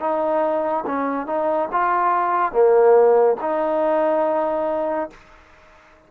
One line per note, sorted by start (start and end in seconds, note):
0.00 0.85 D#4
0.86 1.27 C#4
1.27 1.69 D#4
1.72 2.52 F4
2.52 3.37 A#3
3.41 5.10 D#4